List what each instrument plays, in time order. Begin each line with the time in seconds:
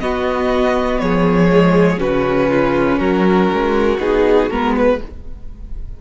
0.00 viola B3, cello B3, violin F#4 D#5
1.00 cello F3, violin G#4 C#5
1.51 viola G#3
1.99 cello C#3, viola C#4, violin F#4 B4
2.50 violin F4
2.99 cello F#3, violin F#4 A#4
3.54 cello G#3
3.99 cello B3, viola D#4, violin G#4
4.51 cello G#3, viola B3, violin A#4
4.77 violin B4